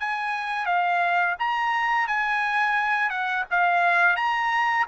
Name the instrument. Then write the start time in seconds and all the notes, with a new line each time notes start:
trumpet
0.00 G#5
0.66 F5
1.39 A#5
2.08 G#5
3.10 F#5
3.51 F5
4.16 A#5